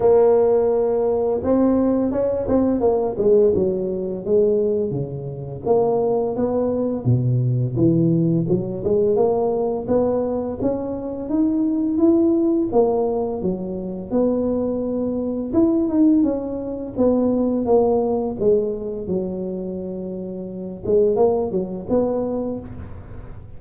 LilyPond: \new Staff \with { instrumentName = "tuba" } { \time 4/4 \tempo 4 = 85 ais2 c'4 cis'8 c'8 | ais8 gis8 fis4 gis4 cis4 | ais4 b4 b,4 e4 | fis8 gis8 ais4 b4 cis'4 |
dis'4 e'4 ais4 fis4 | b2 e'8 dis'8 cis'4 | b4 ais4 gis4 fis4~ | fis4. gis8 ais8 fis8 b4 | }